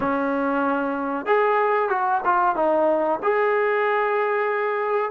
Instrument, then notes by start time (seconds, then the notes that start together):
trombone
0.00 C#4
1.26 G#4
1.89 F#4
2.24 F4
2.55 D#4
3.22 G#4